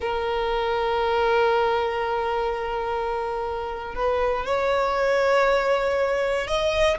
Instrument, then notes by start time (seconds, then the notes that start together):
violin
0.00 A#4
3.94 B4
4.45 C#5
6.47 D#5